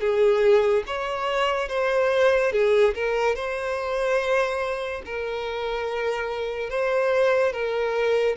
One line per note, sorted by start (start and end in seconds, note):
0.00 0.83 G#4
0.86 1.69 C#5
1.69 2.52 C5
2.52 2.94 G#4
2.94 3.36 A#4
3.36 5.02 C5
5.05 6.70 A#4
6.70 7.53 C5
7.53 8.36 A#4